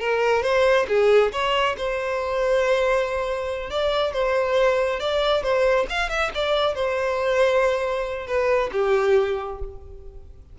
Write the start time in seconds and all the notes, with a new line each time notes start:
0.00 A#4
0.43 C5
0.89 G#4
1.32 C#5
1.78 C5
3.70 D5
4.13 C5
5.00 D5
5.43 C5
5.90 F5
6.10 E5
6.35 D5
6.75 C5
8.27 B4
8.72 G4